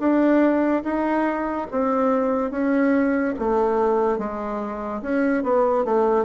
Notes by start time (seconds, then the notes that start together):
0.00 D4
0.84 D#4
1.72 C4
2.51 C#4
3.39 A3
4.19 G#3
5.02 C#4
5.44 B3
5.85 A3